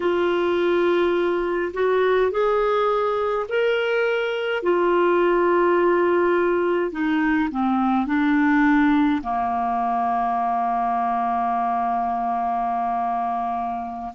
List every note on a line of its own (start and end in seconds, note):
0.00 1.72 F4
1.73 2.31 F#4
2.31 3.46 G#4
3.49 4.63 A#4
4.63 6.91 F4
6.91 7.49 D#4
7.50 8.06 C4
8.06 9.22 D4
9.22 14.12 A#3